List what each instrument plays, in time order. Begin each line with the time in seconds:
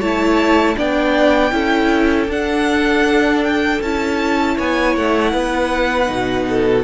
0.00 cello A3, viola E4, violin C#5 A5
0.76 cello B3, viola D4, violin D5 G5
1.52 cello C#4, viola E4, violin A4
2.28 cello D4, viola D4, violin F#5
3.44 violin G5
3.81 cello C#4, viola E4, violin A5
4.56 cello B3, violin C#5 G#5
4.96 cello A3, violin F#5
5.32 cello B3, violin B4
6.06 cello B2, viola D#4
6.49 violin A4